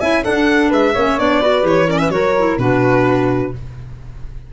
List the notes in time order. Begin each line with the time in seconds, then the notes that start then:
0.00 C#4 E4 E5 G#5
0.24 D4 A4 F#5
0.69 G#3 B4 E5
0.94 A#3 C#4 C#5
1.19 B3 D4 D5
1.40 F#4 B4
1.62 E3 G4 C#5
1.88 C#4 A#4 D5
1.99 B4 E5
2.09 F#3 F#4 A#4 C#5
2.38 E4
2.58 B2 D4 F#4 B4